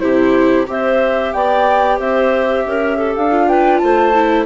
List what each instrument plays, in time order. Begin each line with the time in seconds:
0.00 bassoon C3, viola E4, clarinet G4, flute C5
0.67 bassoon C4, viola G4, clarinet C5, flute E5
1.33 bassoon B3, clarinet D5, flute G5
1.98 bassoon C4, clarinet C5, flute E5
2.66 bassoon C#4, clarinet A#4
2.97 clarinet A4
3.16 bassoon D4, flute F5
3.32 viola F4
3.49 clarinet B4, flute G5
3.78 bassoon A3, clarinet C5, flute A5
4.15 viola E4